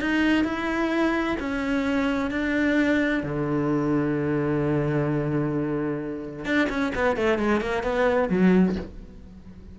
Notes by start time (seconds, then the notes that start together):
0.00 D#4
0.44 E4
1.39 C#4
2.31 D4
3.23 D3
6.45 D4
6.69 C#4
6.94 B3
7.16 A3
7.38 G#3
7.60 A#3
7.83 B3
8.29 F#3